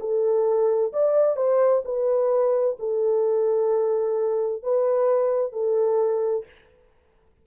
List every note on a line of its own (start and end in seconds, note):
0.00 0.92 A4
0.93 1.36 D5
1.36 1.82 C5
1.85 2.77 B4
2.79 4.63 A4
4.63 5.52 B4
5.52 6.44 A4